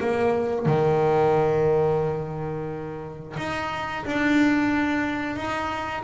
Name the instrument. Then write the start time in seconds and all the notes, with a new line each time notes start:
double bass
0.00 A#3
0.66 D#3
3.37 D#4
4.05 D4
5.36 D#4